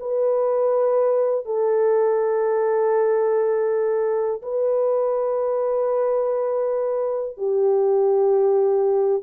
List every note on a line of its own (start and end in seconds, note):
0.00 1.46 B4
1.46 4.42 A4
4.43 7.38 B4
7.38 9.23 G4